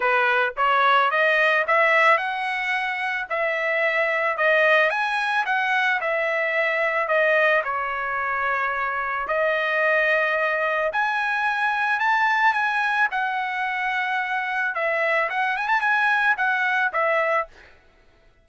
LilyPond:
\new Staff \with { instrumentName = "trumpet" } { \time 4/4 \tempo 4 = 110 b'4 cis''4 dis''4 e''4 | fis''2 e''2 | dis''4 gis''4 fis''4 e''4~ | e''4 dis''4 cis''2~ |
cis''4 dis''2. | gis''2 a''4 gis''4 | fis''2. e''4 | fis''8 gis''16 a''16 gis''4 fis''4 e''4 | }